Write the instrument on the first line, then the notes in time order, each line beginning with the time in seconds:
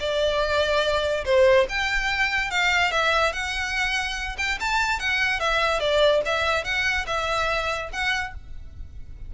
violin
0.00 D5
1.25 C5
1.69 G5
2.51 F5
2.92 E5
3.33 F#5
4.38 G5
4.60 A5
5.00 F#5
5.40 E5
5.80 D5
6.26 E5
6.64 F#5
7.07 E5
7.93 F#5